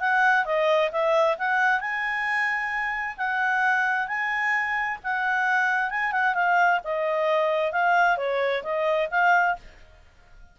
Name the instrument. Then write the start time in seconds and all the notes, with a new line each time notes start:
clarinet
0.00 F#5
0.45 D#5
0.92 E5
1.38 F#5
1.80 G#5
3.18 F#5
4.08 G#5
5.04 F#5
5.91 G#5
6.12 F#5
6.35 F5
6.84 D#5
7.72 F5
8.18 C#5
8.63 D#5
9.11 F5